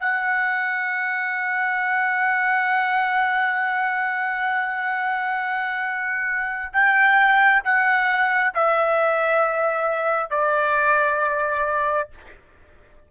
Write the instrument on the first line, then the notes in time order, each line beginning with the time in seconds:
trumpet
0.00 F#5
6.73 G5
7.64 F#5
8.54 E5
10.31 D5